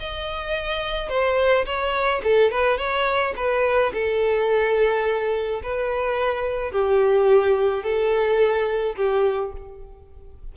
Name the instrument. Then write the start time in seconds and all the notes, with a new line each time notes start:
violin
0.00 D#5
1.10 C5
1.66 C#5
2.24 A4
2.52 B4
2.78 C#5
3.37 B4
3.94 A4
5.64 B4
6.72 G4
7.84 A4
8.96 G4